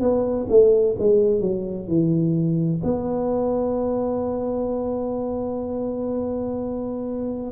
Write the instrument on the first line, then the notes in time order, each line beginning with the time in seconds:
tuba
0.00 B3
0.49 A3
0.98 G#3
1.41 F#3
1.87 E3
2.84 B3